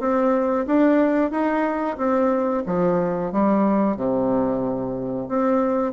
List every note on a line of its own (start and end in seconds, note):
0.00 0.66 C4
0.67 1.31 D4
1.31 1.97 D#4
1.98 2.63 C4
2.66 3.32 F3
3.32 3.97 G3
3.97 5.29 C3
5.29 5.93 C4